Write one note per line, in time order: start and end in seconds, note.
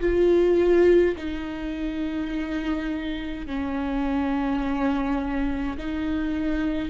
0.00 1.15 F4
1.16 3.46 D#4
3.46 5.77 C#4
5.77 6.89 D#4